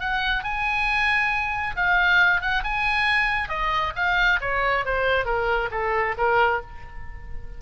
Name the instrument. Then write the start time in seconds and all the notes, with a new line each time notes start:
oboe
0.00 F#5
0.43 G#5
1.76 F5
2.41 F#5
2.64 G#5
3.49 D#5
3.95 F5
4.41 C#5
4.85 C5
5.25 A#4
5.71 A4
6.17 A#4